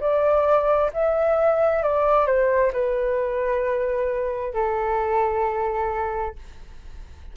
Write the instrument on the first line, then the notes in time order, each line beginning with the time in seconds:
flute
0.00 D5
0.93 E5
1.83 D5
2.26 C5
2.73 B4
4.54 A4